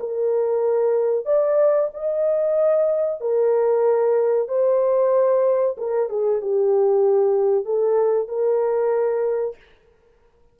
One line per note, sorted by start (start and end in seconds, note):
0.00 1.26 A#4
1.26 1.89 D5
1.94 3.21 D#5
3.21 4.49 A#4
4.49 5.76 C5
5.78 6.10 A#4
6.10 6.42 G#4
6.42 7.65 G4
7.65 8.29 A4
8.29 9.56 A#4